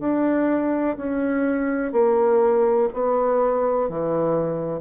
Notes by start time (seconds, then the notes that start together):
0.00 D4
0.97 C#4
1.92 A#3
2.93 B3
3.89 E3